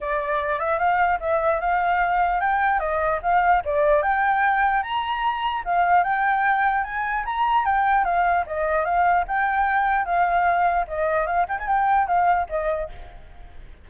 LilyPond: \new Staff \with { instrumentName = "flute" } { \time 4/4 \tempo 4 = 149 d''4. e''8 f''4 e''4 | f''2 g''4 dis''4 | f''4 d''4 g''2 | ais''2 f''4 g''4~ |
g''4 gis''4 ais''4 g''4 | f''4 dis''4 f''4 g''4~ | g''4 f''2 dis''4 | f''8 g''16 gis''16 g''4 f''4 dis''4 | }